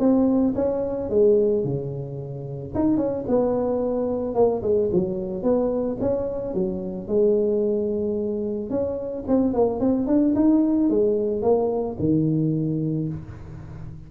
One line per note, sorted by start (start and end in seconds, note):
0.00 0.55 C4
0.56 1.10 C#4
1.10 1.64 G#3
1.64 2.73 C#3
2.75 2.98 D#4
2.98 3.25 C#4
3.28 4.35 B3
4.35 4.63 A#3
4.63 4.90 G#3
4.93 5.43 F#3
5.43 5.98 B3
6.01 6.55 C#4
6.55 7.08 F#3
7.08 8.70 G#3
8.70 9.25 C#4
9.28 9.54 C4
9.54 9.81 A#3
9.81 10.07 C4
10.07 10.35 D4
10.36 10.90 D#4
10.90 11.43 G#3
11.43 11.97 A#3
12.00 13.09 D#3